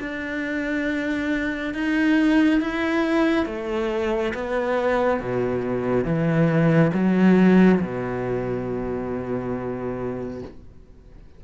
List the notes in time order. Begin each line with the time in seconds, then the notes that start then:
0.00 D4
1.74 D#4
2.61 E4
3.46 A3
4.34 B3
5.20 B2
6.04 E3
6.94 F#3
7.81 B2